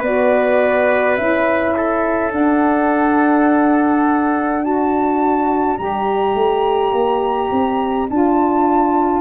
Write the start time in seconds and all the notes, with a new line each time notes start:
0.00 B3 F#4 B4 D5
1.17 C#4 E4 E5
1.77 A4
2.30 D4 F#5
4.62 F#4 D5 A5
5.77 G3 G4 A#5
6.35 A3
6.92 A#3
7.52 C4
8.10 D4 F4 A5